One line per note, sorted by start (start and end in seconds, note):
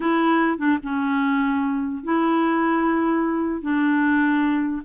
0.00 0.58 E4
0.58 0.78 D4
0.82 2.03 C#4
2.03 3.61 E4
3.61 4.82 D4